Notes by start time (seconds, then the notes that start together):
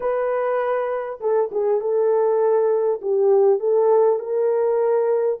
0.00 B4
1.20 A4
1.51 G#4
1.80 A4
3.01 G4
3.59 A4
4.19 A#4